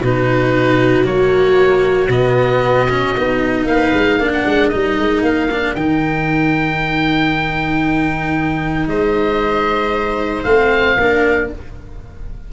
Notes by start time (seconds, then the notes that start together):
0.00 B2 D#4 F#4 B4
1.04 F#3 A#3 C#5
2.09 B2 B3 D#5
2.90 C#4
3.17 B3 D#4
3.65 A#3 B4 F5
3.94 G#3
4.19 A#3 D4 A#4
4.33 F#5
4.46 G#3
4.69 G3 D#4 D#5
4.99 G#3
5.22 A#3 F5
5.52 D4
5.75 D#3 D#4 G5
8.88 G#3 C5 D#5
10.43 A3 C4 F5
10.97 A#3 D4 A#4